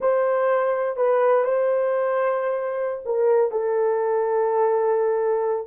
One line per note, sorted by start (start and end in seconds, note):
0.00 0.96 C5
0.96 1.44 B4
1.44 3.01 C5
3.05 3.51 A#4
3.51 5.67 A4